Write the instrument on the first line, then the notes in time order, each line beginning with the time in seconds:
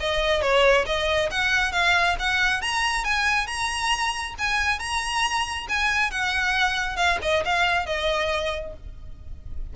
violin
0.00 D#5
0.42 C#5
0.86 D#5
1.31 F#5
1.72 F5
2.19 F#5
2.62 A#5
3.05 G#5
3.47 A#5
4.38 G#5
4.79 A#5
5.69 G#5
6.11 F#5
6.97 F5
7.22 D#5
7.45 F5
7.86 D#5